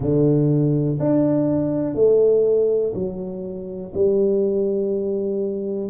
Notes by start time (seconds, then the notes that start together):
0.00 D3
0.99 D4
1.94 A3
2.94 F#3
3.94 G3